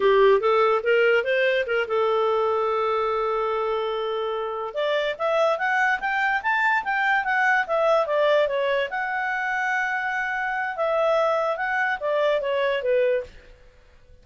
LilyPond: \new Staff \with { instrumentName = "clarinet" } { \time 4/4 \tempo 4 = 145 g'4 a'4 ais'4 c''4 | ais'8 a'2.~ a'8~ | a'2.~ a'8 d''8~ | d''8 e''4 fis''4 g''4 a''8~ |
a''8 g''4 fis''4 e''4 d''8~ | d''8 cis''4 fis''2~ fis''8~ | fis''2 e''2 | fis''4 d''4 cis''4 b'4 | }